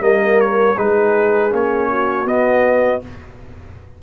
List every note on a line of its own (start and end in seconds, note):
0.00 0.75 G3
0.00 0.75 A#3
0.00 0.77 A#4
0.00 0.40 D#5
0.40 0.78 C#5
0.77 1.52 G#3
0.77 1.50 D#4
0.77 1.90 G#4
0.77 1.53 B4
1.50 2.25 A#3
1.50 2.25 C#4
1.50 2.27 C#5
1.90 3.02 F#4
2.25 3.00 B3
2.25 3.01 B3
2.25 3.02 D#5